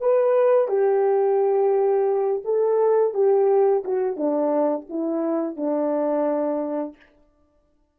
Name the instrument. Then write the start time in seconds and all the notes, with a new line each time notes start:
horn
0.00 B4
0.68 G4
2.44 A4
3.14 G4
3.84 F#4
4.16 D4
4.89 E4
5.56 D4